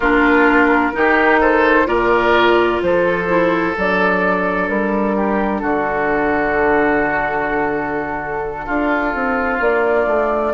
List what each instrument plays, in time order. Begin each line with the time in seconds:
0.00 bassoon A#3, clarinet D4, oboe F4, flute A#4
0.93 bassoon D#3, clarinet D#4, oboe G4
1.40 oboe A4, flute C5
1.86 bassoon A#2, clarinet F4, oboe A#4, flute D5
2.81 bassoon F3, oboe A4, flute C5
3.29 clarinet E4
3.73 bassoon F#3, clarinet D4, flute D5
4.68 bassoon G3, flute A#4
5.16 oboe G4
5.59 bassoon D3, oboe F#4, flute A4
8.65 bassoon D4, oboe F4
9.14 bassoon C4
9.60 bassoon A#3, flute D5
10.06 bassoon A3